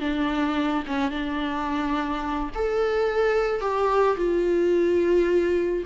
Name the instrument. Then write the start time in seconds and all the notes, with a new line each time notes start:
viola
0.00 D4
0.87 C#4
1.11 D4
2.55 A4
3.61 G4
4.17 F4